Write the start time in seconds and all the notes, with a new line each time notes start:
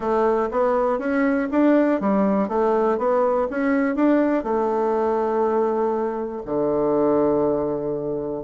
0.00 A3
0.51 B3
0.98 C#4
1.51 D4
2.00 G3
2.48 A3
2.98 B3
3.50 C#4
3.95 D4
4.43 A3
6.45 D3